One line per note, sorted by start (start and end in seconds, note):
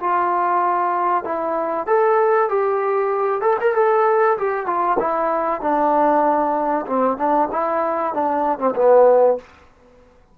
0.00 1.24 F4
1.24 1.86 E4
1.86 2.49 A4
2.49 3.41 G4
3.41 3.57 A4
3.61 3.75 A#4
3.75 4.37 A4
4.38 4.66 G4
4.66 4.97 F4
4.99 5.61 E4
5.61 6.86 D4
6.86 7.17 C4
7.17 7.48 D4
7.52 8.14 E4
8.14 8.59 D4
8.59 8.74 C4
8.75 9.38 B3